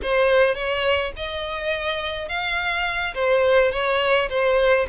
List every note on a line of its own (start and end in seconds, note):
0.02 0.55 C5
0.55 1.12 C#5
1.16 2.28 D#5
2.28 3.14 F5
3.14 3.71 C5
3.71 4.28 C#5
4.29 4.86 C5